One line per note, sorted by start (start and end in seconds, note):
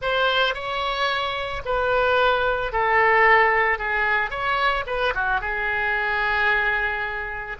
0.01 0.54 C5
0.54 1.62 C#5
1.65 2.72 B4
2.72 3.78 A4
3.78 4.30 G#4
4.30 4.84 C#5
4.86 5.13 B4
5.14 5.41 F#4
5.41 7.57 G#4